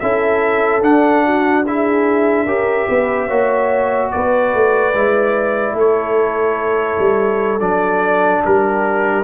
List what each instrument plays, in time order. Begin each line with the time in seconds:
0.00 tuba C#4, trombone E4, horn A4, trumpet E5
0.82 trombone D4, tuba D4, trumpet F#5
1.26 horn F#4
1.67 trombone E4, horn G#4, trumpet E5
2.46 tuba C#4, trombone G4, horn A#4
2.90 tuba B3, horn B4
3.28 tuba A#3, trombone F#4, horn C#5
4.12 tuba B3, horn B4, trumpet D5
4.55 tuba A3
4.95 tuba G#3, trombone E4
5.74 tuba A3, horn A4, trumpet C#5
6.99 tuba G3
7.61 tuba F#3, trombone D4, trumpet D5
8.45 tuba G3, horn G4, trumpet A#4